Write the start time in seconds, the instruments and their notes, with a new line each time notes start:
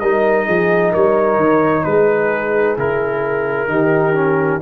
0.00 tuba G3, trombone D#4, horn A#4, trumpet D#5
0.46 tuba F3, horn G#4
0.91 tuba G3, horn A#4, trumpet C#5
1.37 tuba D#3
1.84 tuba G#3, horn G#4, trumpet B4
2.77 tuba C#3, trombone E4, trumpet A#4
3.68 tuba D#3, trombone D#4, horn G4
4.14 trombone C#4